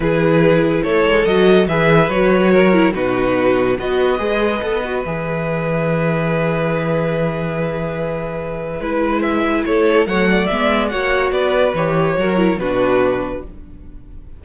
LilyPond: <<
  \new Staff \with { instrumentName = "violin" } { \time 4/4 \tempo 4 = 143 b'2 cis''4 dis''4 | e''4 cis''2 b'4~ | b'4 dis''2. | e''1~ |
e''1~ | e''4 b'4 e''4 cis''4 | fis''4 e''4 fis''4 d''4 | cis''2 b'2 | }
  \new Staff \with { instrumentName = "violin" } { \time 4/4 gis'2 a'2 | b'2 ais'4 fis'4~ | fis'4 b'2.~ | b'1~ |
b'1~ | b'2. a'4 | cis''8 d''4. cis''4 b'4~ | b'4 ais'4 fis'2 | }
  \new Staff \with { instrumentName = "viola" } { \time 4/4 e'2. fis'4 | gis'4 fis'4. e'8 dis'4~ | dis'4 fis'4 gis'4 a'8 fis'8 | gis'1~ |
gis'1~ | gis'4 e'2. | a4 b4 fis'2 | g'4 fis'8 e'8 d'2 | }
  \new Staff \with { instrumentName = "cello" } { \time 4/4 e2 a8 gis8 fis4 | e4 fis2 b,4~ | b,4 b4 gis4 b4 | e1~ |
e1~ | e4 gis2 a4 | fis4 gis4 ais4 b4 | e4 fis4 b,2 | }
>>